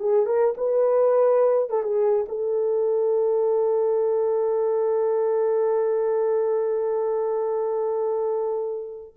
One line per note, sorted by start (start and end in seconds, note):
0.00 0.26 G#4
0.26 0.55 A#4
0.58 1.70 B4
1.70 1.83 A4
1.83 2.26 G#4
2.29 9.15 A4